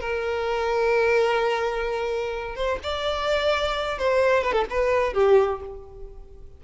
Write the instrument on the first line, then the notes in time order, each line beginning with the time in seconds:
violin
0.00 A#4
2.55 C5
2.83 D5
3.98 C5
4.43 B4
4.53 A4
4.70 B4
5.13 G4